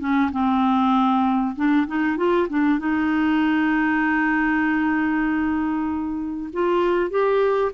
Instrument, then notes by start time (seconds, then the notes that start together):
clarinet
0.00 C#4
0.32 C4
1.56 D4
1.87 D#4
2.17 F4
2.50 D4
2.79 D#4
6.53 F4
7.10 G4